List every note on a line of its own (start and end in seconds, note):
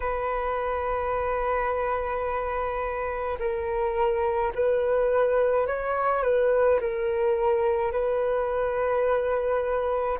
0.00 3.38 B4
3.39 4.52 A#4
4.54 5.67 B4
5.67 6.23 C#5
6.23 6.79 B4
6.80 7.91 A#4
7.91 10.18 B4